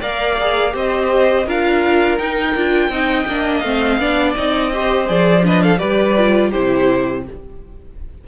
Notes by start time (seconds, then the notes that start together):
0.00 A#3 A#4 D5 F5
0.40 G#4
0.72 C4 G4 C5 D#5
1.46 D4 F4 A#4 F5
2.17 D#4 G5
2.55 D4 F4
2.88 C4 D#4 D#5
3.27 A#3 D4
3.59 A3 C4 F5
3.98 B3 D4 D5
4.35 C4 D#4 D#5
4.73 G4 C5
5.06 F3 G#4 D5
5.42 D4 B4 D#5
5.62 A4 F5
5.77 G3 G4 B4 D5
6.17 F4
6.49 C3 E4 G4 C5